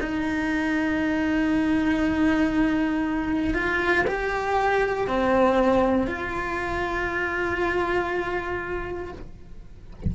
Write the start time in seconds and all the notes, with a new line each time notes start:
0.00 D#4
3.54 F4
4.07 G4
5.07 C4
6.07 F4